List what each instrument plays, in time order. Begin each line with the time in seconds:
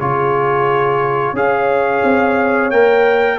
0.00 tuba C#3, trombone F4, horn G#4, trumpet C#5
1.33 tuba C#4, trombone G#4, horn C#5, trumpet F5
2.04 tuba C4
2.71 tuba A#3, trombone A#4, trumpet G5